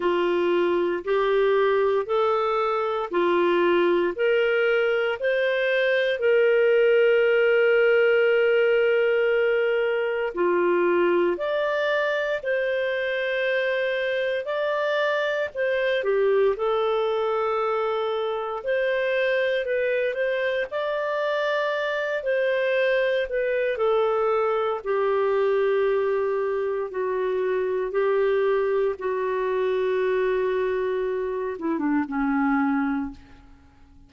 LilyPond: \new Staff \with { instrumentName = "clarinet" } { \time 4/4 \tempo 4 = 58 f'4 g'4 a'4 f'4 | ais'4 c''4 ais'2~ | ais'2 f'4 d''4 | c''2 d''4 c''8 g'8 |
a'2 c''4 b'8 c''8 | d''4. c''4 b'8 a'4 | g'2 fis'4 g'4 | fis'2~ fis'8 e'16 d'16 cis'4 | }